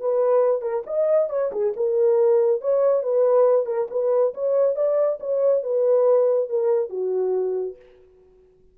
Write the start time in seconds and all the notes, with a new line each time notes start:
0.00 B4
0.62 A#4
0.87 D#5
1.29 C#5
1.52 G#4
1.76 A#4
2.61 C#5
3.03 B4
3.66 A#4
3.90 B4
4.34 C#5
4.76 D5
5.20 C#5
5.63 B4
6.49 A#4
6.90 F#4